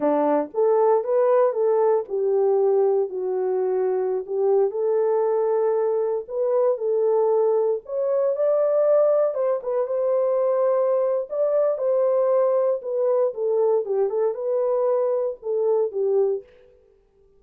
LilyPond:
\new Staff \with { instrumentName = "horn" } { \time 4/4 \tempo 4 = 117 d'4 a'4 b'4 a'4 | g'2 fis'2~ | fis'16 g'4 a'2~ a'8.~ | a'16 b'4 a'2 cis''8.~ |
cis''16 d''2 c''8 b'8 c''8.~ | c''2 d''4 c''4~ | c''4 b'4 a'4 g'8 a'8 | b'2 a'4 g'4 | }